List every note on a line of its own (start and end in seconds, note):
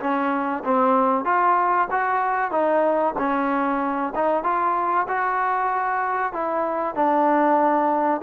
0.00 0.63 C#4
0.64 1.25 C4
1.25 1.88 F4
1.91 2.51 F#4
2.51 3.15 D#4
3.19 4.13 C#4
4.15 4.44 D#4
4.44 5.07 F4
5.08 6.33 F#4
6.33 6.95 E4
6.95 8.21 D4